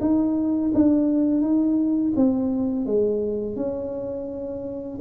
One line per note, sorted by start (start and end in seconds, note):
0.00 0.71 D#4
0.74 1.41 D4
1.41 2.12 D#4
2.16 2.86 C4
2.86 3.56 G#3
3.56 4.99 C#4